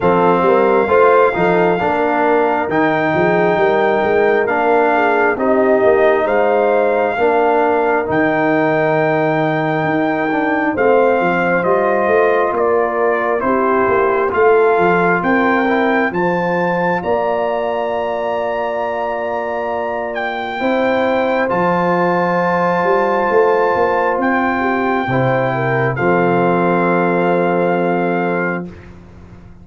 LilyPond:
<<
  \new Staff \with { instrumentName = "trumpet" } { \time 4/4 \tempo 4 = 67 f''2. g''4~ | g''4 f''4 dis''4 f''4~ | f''4 g''2. | f''4 dis''4 d''4 c''4 |
f''4 g''4 a''4 ais''4~ | ais''2~ ais''8 g''4. | a''2. g''4~ | g''4 f''2. | }
  \new Staff \with { instrumentName = "horn" } { \time 4/4 a'8 ais'8 c''8 a'8 ais'4. gis'8 | ais'4. gis'8 g'4 c''4 | ais'1 | c''2 ais'4 g'4 |
a'4 ais'4 c''4 d''4~ | d''2. c''4~ | c''2.~ c''8 g'8 | c''8 ais'8 a'2. | }
  \new Staff \with { instrumentName = "trombone" } { \time 4/4 c'4 f'8 dis'8 d'4 dis'4~ | dis'4 d'4 dis'2 | d'4 dis'2~ dis'8 d'8 | c'4 f'2 e'4 |
f'4. e'8 f'2~ | f'2. e'4 | f'1 | e'4 c'2. | }
  \new Staff \with { instrumentName = "tuba" } { \time 4/4 f8 g8 a8 f8 ais4 dis8 f8 | g8 gis8 ais4 c'8 ais8 gis4 | ais4 dis2 dis'4 | a8 f8 g8 a8 ais4 c'8 ais8 |
a8 f8 c'4 f4 ais4~ | ais2. c'4 | f4. g8 a8 ais8 c'4 | c4 f2. | }
>>